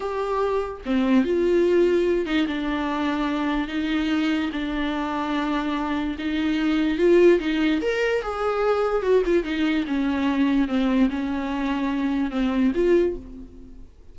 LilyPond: \new Staff \with { instrumentName = "viola" } { \time 4/4 \tempo 4 = 146 g'2 c'4 f'4~ | f'4. dis'8 d'2~ | d'4 dis'2 d'4~ | d'2. dis'4~ |
dis'4 f'4 dis'4 ais'4 | gis'2 fis'8 f'8 dis'4 | cis'2 c'4 cis'4~ | cis'2 c'4 f'4 | }